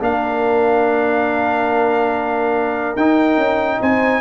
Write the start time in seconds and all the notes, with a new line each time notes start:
0.00 A#3 D4 A#4 F5
2.96 D#4 G5
3.37 C#4
3.80 C4 C5 G#5